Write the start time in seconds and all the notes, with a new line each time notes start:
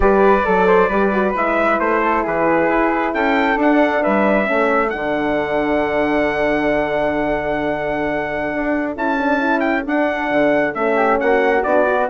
0.00 G3 G4 B4 D5
0.45 F#3 A4
0.66 C5
0.88 G3 G4 B4
1.12 F#4
1.35 G#3 E4 E5
1.79 A3 C5
2.01 A4
2.23 E3 G#4 B4
2.69 E4
3.13 C#4 A4 G5
3.56 D4 F#5
4.02 G3 B4 E5
4.43 A3 C#4 A4
4.89 D3 D4 F#5
8.54 D4
8.95 C#4 E4 A5
9.20 D4
9.39 E4
9.60 G5
9.85 D4 F#5
10.30 D3
10.74 A3 C#4 E5
10.95 G4
11.19 A#3 F#4 F#5
11.63 B3 D4 D5
11.86 F#4